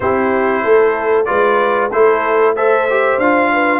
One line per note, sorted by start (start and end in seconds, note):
0.00 0.63 C4
0.00 1.26 E4
0.00 0.63 G4
0.00 1.24 C5
0.63 1.27 A3
0.63 1.27 A4
1.24 1.92 G#3
1.24 1.89 F4
1.24 1.91 B4
1.24 1.88 D5
1.91 3.18 A3
1.91 2.56 E4
1.91 2.55 A4
1.91 2.55 C5
2.55 2.88 A4
2.55 3.50 C5
2.55 3.19 E5
2.90 3.22 G4
3.18 3.80 D4
3.18 3.80 F4
3.18 3.80 F5
3.52 3.80 B4